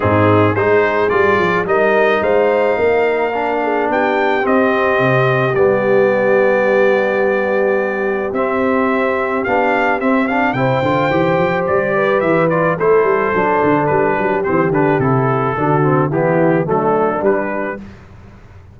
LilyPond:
<<
  \new Staff \with { instrumentName = "trumpet" } { \time 4/4 \tempo 4 = 108 gis'4 c''4 d''4 dis''4 | f''2. g''4 | dis''2 d''2~ | d''2. e''4~ |
e''4 f''4 e''8 f''8 g''4~ | g''4 d''4 e''8 d''8 c''4~ | c''4 b'4 c''8 b'8 a'4~ | a'4 g'4 a'4 b'4 | }
  \new Staff \with { instrumentName = "horn" } { \time 4/4 dis'4 gis'2 ais'4 | c''4 ais'4. gis'8 g'4~ | g'1~ | g'1~ |
g'2. c''4~ | c''4. b'4. a'4~ | a'4. g'2~ g'8 | fis'4 e'4 d'2 | }
  \new Staff \with { instrumentName = "trombone" } { \time 4/4 c'4 dis'4 f'4 dis'4~ | dis'2 d'2 | c'2 b2~ | b2. c'4~ |
c'4 d'4 c'8 d'8 e'8 f'8 | g'2~ g'8 f'8 e'4 | d'2 c'8 d'8 e'4 | d'8 c'8 b4 a4 g4 | }
  \new Staff \with { instrumentName = "tuba" } { \time 4/4 gis,4 gis4 g8 f8 g4 | gis4 ais2 b4 | c'4 c4 g2~ | g2. c'4~ |
c'4 b4 c'4 c8 d8 | e8 f8 g4 e4 a8 g8 | fis8 d8 g8 fis8 e8 d8 c4 | d4 e4 fis4 g4 | }
>>